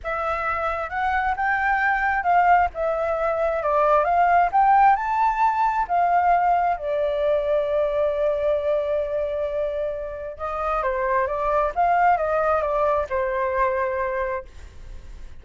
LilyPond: \new Staff \with { instrumentName = "flute" } { \time 4/4 \tempo 4 = 133 e''2 fis''4 g''4~ | g''4 f''4 e''2 | d''4 f''4 g''4 a''4~ | a''4 f''2 d''4~ |
d''1~ | d''2. dis''4 | c''4 d''4 f''4 dis''4 | d''4 c''2. | }